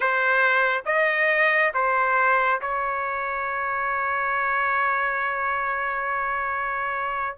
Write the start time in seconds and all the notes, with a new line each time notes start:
0.00 C5
0.85 D#5
1.74 C5
2.61 C#5